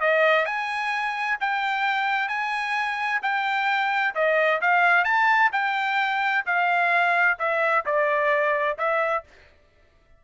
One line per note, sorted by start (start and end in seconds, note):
0.00 0.45 D#5
0.45 1.37 G#5
1.40 2.28 G5
2.28 3.20 G#5
3.22 4.14 G5
4.14 4.60 D#5
4.61 5.04 F5
5.04 5.50 A5
5.52 6.44 G5
6.46 7.38 F5
7.38 7.85 E5
7.85 8.78 D5
8.78 9.24 E5